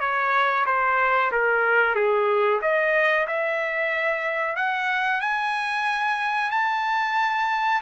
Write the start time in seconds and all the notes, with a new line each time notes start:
0.00 C#5
0.66 C5
1.32 A#4
1.95 G#4
2.62 D#5
3.27 E5
4.56 F#5
5.21 G#5
6.51 A5